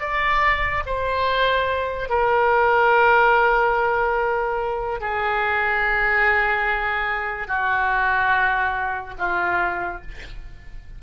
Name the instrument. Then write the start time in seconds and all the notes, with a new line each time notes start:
oboe
0.00 D5
0.86 C5
2.09 A#4
5.00 G#4
7.48 F#4
9.19 F4